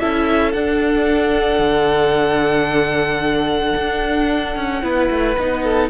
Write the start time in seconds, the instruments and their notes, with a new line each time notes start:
0.00 cello C#4, viola E4, violin A4 E5
0.53 viola D4, cello D4, violin F#5
1.59 cello D3
3.76 cello D4
4.57 cello C#4
4.82 cello B3, viola E4, violin B4
5.11 cello A3
5.38 cello B3, viola D#4
5.64 violin A4